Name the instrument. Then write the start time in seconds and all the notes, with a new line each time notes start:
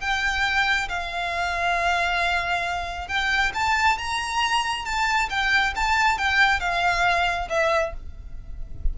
violin
0.00 G5
0.89 F5
3.08 G5
3.54 A5
3.98 A#5
4.85 A5
5.29 G5
5.76 A5
6.18 G5
6.60 F5
7.49 E5